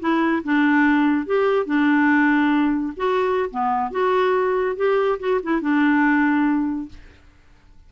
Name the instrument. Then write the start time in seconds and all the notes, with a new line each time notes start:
clarinet
0.00 E4
0.44 D4
1.26 G4
1.66 D4
2.97 F#4
3.50 B3
3.91 F#4
4.76 G4
5.20 F#4
5.43 E4
5.62 D4